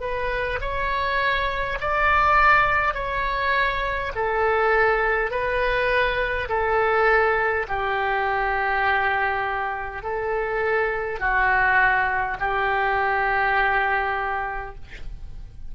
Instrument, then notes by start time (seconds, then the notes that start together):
oboe
0.00 B4
0.60 C#5
1.80 D5
2.94 C#5
4.14 A4
5.30 B4
6.49 A4
7.67 G4
10.02 A4
11.19 F#4
12.40 G4